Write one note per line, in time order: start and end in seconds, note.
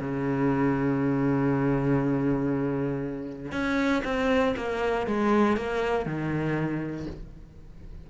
0.00 3.52 C#3
3.52 4.03 C#4
4.05 4.55 C4
4.57 5.07 A#3
5.07 5.57 G#3
5.57 6.06 A#3
6.06 7.07 D#3